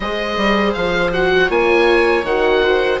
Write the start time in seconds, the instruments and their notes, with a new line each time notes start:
0.00 bassoon G#3, viola G#4 C5, oboe D#5
0.36 bassoon G3
0.73 bassoon F3, oboe F5
1.12 viola F#4, oboe F#5
1.46 bassoon A#3, viola F4 C#5, oboe G#5
2.23 bassoon D#3, viola F#4, oboe F#5
2.62 viola C5